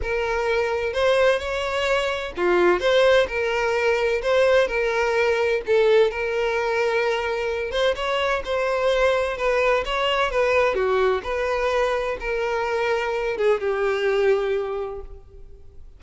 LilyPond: \new Staff \with { instrumentName = "violin" } { \time 4/4 \tempo 4 = 128 ais'2 c''4 cis''4~ | cis''4 f'4 c''4 ais'4~ | ais'4 c''4 ais'2 | a'4 ais'2.~ |
ais'8 c''8 cis''4 c''2 | b'4 cis''4 b'4 fis'4 | b'2 ais'2~ | ais'8 gis'8 g'2. | }